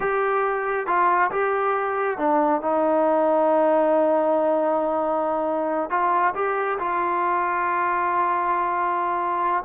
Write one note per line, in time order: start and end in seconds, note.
0.00 0.87 G4
0.87 1.30 F4
1.31 2.18 G4
2.18 2.61 D4
2.61 5.90 D#4
5.90 6.33 F4
6.34 6.78 G4
6.79 9.63 F4